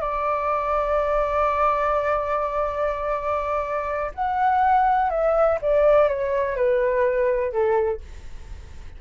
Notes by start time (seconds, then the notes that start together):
0.00 D5
4.14 F#5
5.10 E5
5.61 D5
6.08 C#5
6.56 B4
7.52 A4